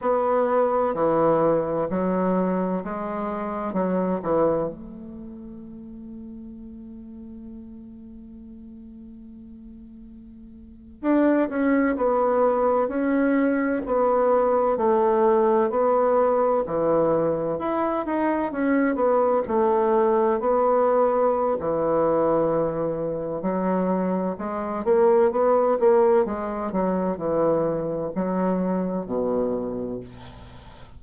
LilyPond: \new Staff \with { instrumentName = "bassoon" } { \time 4/4 \tempo 4 = 64 b4 e4 fis4 gis4 | fis8 e8 a2.~ | a2.~ a8. d'16~ | d'16 cis'8 b4 cis'4 b4 a16~ |
a8. b4 e4 e'8 dis'8 cis'16~ | cis'16 b8 a4 b4~ b16 e4~ | e4 fis4 gis8 ais8 b8 ais8 | gis8 fis8 e4 fis4 b,4 | }